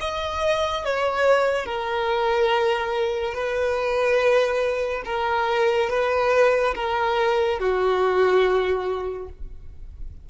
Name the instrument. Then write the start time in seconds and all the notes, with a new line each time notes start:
violin
0.00 D#5
0.85 C#5
1.66 A#4
3.34 B4
5.05 A#4
5.90 B4
6.75 A#4
7.59 F#4